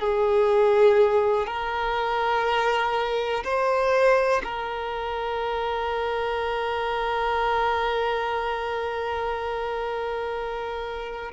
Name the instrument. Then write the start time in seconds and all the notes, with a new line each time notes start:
violin
0.00 G#4
1.47 A#4
3.44 C5
4.44 A#4